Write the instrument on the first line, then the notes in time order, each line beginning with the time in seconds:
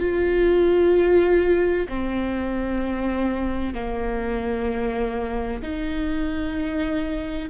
viola
0.00 F4
1.89 C4
3.75 A#3
5.62 D#4